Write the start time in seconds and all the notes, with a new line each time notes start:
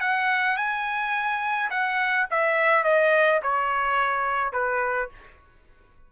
0.00 F#5
0.56 G#5
1.70 F#5
2.31 E5
2.84 D#5
3.42 C#5
4.53 B4